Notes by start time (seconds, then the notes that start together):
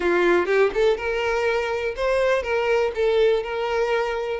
0.00 F4
0.46 G4
0.74 A4
0.97 A#4
1.96 C5
2.43 A#4
2.94 A4
3.43 A#4